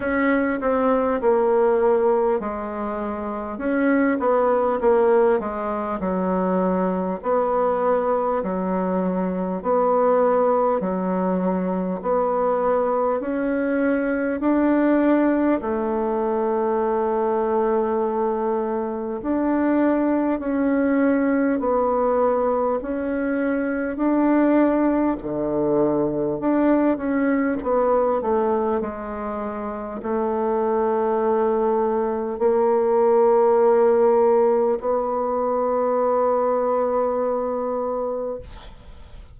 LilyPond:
\new Staff \with { instrumentName = "bassoon" } { \time 4/4 \tempo 4 = 50 cis'8 c'8 ais4 gis4 cis'8 b8 | ais8 gis8 fis4 b4 fis4 | b4 fis4 b4 cis'4 | d'4 a2. |
d'4 cis'4 b4 cis'4 | d'4 d4 d'8 cis'8 b8 a8 | gis4 a2 ais4~ | ais4 b2. | }